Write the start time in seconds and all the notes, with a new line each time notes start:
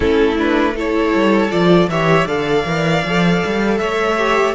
0.00 A3 C#4 E4 A4
0.37 D4 B4
0.75 E4 A4 C#5
1.13 G3
1.50 F3 F4 D5
1.87 E3 G4 C#5 E5
2.25 D3 A4 D5 F5
2.66 E3 A#4
3.04 F3 A4
3.45 G3
3.78 A3 C#5 E5
4.17 G4